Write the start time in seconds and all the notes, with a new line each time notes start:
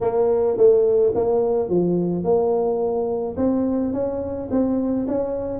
0.01 A#3
0.57 A3
1.14 A#3
1.69 F3
2.24 A#3
3.36 C4
3.93 C#4
4.50 C4
5.07 C#4